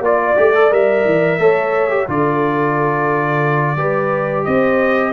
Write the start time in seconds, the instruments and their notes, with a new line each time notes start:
0.00 tuba A#3, trombone F4, horn D5, trumpet D5
0.36 tuba A3, trombone G4
0.54 trombone A4
0.71 tuba G3, trombone A#4, trumpet E5
1.05 tuba E3
1.38 tuba A3, trombone A4, horn C#5
1.89 trombone G4
2.07 tuba D3, trombone F4, horn A4, trumpet D5
3.76 tuba G3, trombone G4, horn B4
4.45 tuba C4, horn C5, trumpet D#5